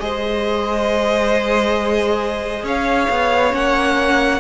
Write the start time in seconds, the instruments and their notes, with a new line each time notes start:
0.00 cello G#3, viola G#4, violin C5 D#5
2.63 cello C#4, violin C#5 F5
3.10 cello B3
3.51 cello A#3, viola C#4, violin F#5